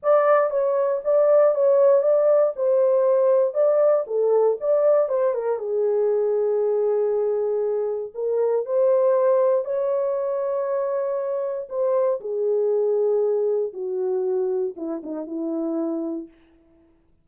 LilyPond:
\new Staff \with { instrumentName = "horn" } { \time 4/4 \tempo 4 = 118 d''4 cis''4 d''4 cis''4 | d''4 c''2 d''4 | a'4 d''4 c''8 ais'8 gis'4~ | gis'1 |
ais'4 c''2 cis''4~ | cis''2. c''4 | gis'2. fis'4~ | fis'4 e'8 dis'8 e'2 | }